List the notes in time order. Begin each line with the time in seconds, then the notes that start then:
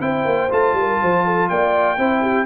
0.00 C4 E4 C5 G5
0.25 A#3
0.50 A3 F4 A5
0.73 G3 A#4
1.01 F3 C5
1.24 A4
1.49 A#3 D5 G5
1.97 C4 E4 C5
2.21 G4